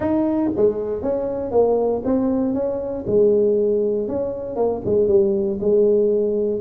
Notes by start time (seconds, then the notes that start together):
0.00 D#4
0.56 G#3
1.02 C#4
1.51 A#3
2.05 C4
2.54 C#4
3.06 G#3
4.07 C#4
4.55 A#3
4.85 G#3
5.08 G3
5.60 G#3